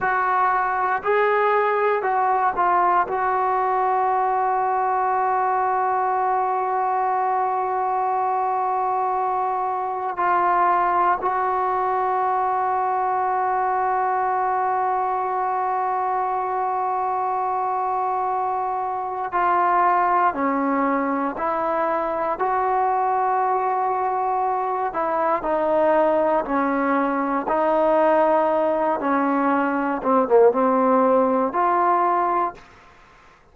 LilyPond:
\new Staff \with { instrumentName = "trombone" } { \time 4/4 \tempo 4 = 59 fis'4 gis'4 fis'8 f'8 fis'4~ | fis'1~ | fis'2 f'4 fis'4~ | fis'1~ |
fis'2. f'4 | cis'4 e'4 fis'2~ | fis'8 e'8 dis'4 cis'4 dis'4~ | dis'8 cis'4 c'16 ais16 c'4 f'4 | }